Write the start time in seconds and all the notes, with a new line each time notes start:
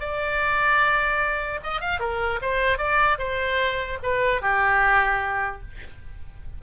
0.00 D5
1.63 D#5
1.81 F5
1.99 A#4
2.41 C5
2.78 D5
3.18 C5
4.03 B4
4.42 G4